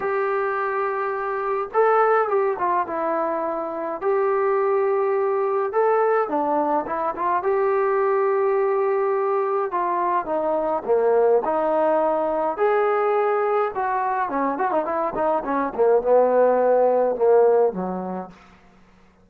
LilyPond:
\new Staff \with { instrumentName = "trombone" } { \time 4/4 \tempo 4 = 105 g'2. a'4 | g'8 f'8 e'2 g'4~ | g'2 a'4 d'4 | e'8 f'8 g'2.~ |
g'4 f'4 dis'4 ais4 | dis'2 gis'2 | fis'4 cis'8 fis'16 dis'16 e'8 dis'8 cis'8 ais8 | b2 ais4 fis4 | }